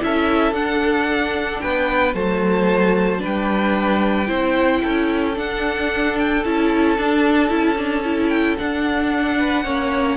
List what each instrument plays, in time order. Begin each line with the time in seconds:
0.00 cello C#4, viola E4, violin A4 E5
0.52 cello D4, viola D4, violin F#5
1.61 cello B3, violin B4 G5
2.14 cello F#3, viola A3, violin C5 A5
3.19 viola D4, violin B4
3.25 cello G3, violin G5
4.27 cello C4, viola E4, violin C5
4.83 cello C#4, violin A4
5.35 viola D4, cello D4, violin F#5
6.19 violin G5
6.44 cello C#4, viola E4, violin A5
6.98 viola D4, cello D4
7.49 cello C#4, viola E4
7.77 viola D4
8.04 viola E4
8.29 violin G5
8.58 viola D4, cello D4, violin F#5
9.38 violin B4
9.64 cello A#3, viola C#4, violin C#5